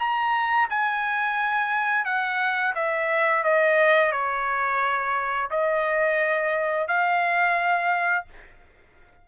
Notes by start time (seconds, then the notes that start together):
0.00 A#5
0.70 G#5
2.05 F#5
2.75 E5
3.44 D#5
4.12 C#5
5.51 D#5
6.88 F5